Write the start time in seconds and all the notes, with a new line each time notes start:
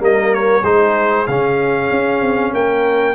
0.00 G3 A#3 A#4 D#5
0.34 C#5
0.64 G#3 D#4 G#4 C5
1.27 C#3 C#4 F5
1.91 C#4
2.22 C4
2.54 A#3 A#4 G5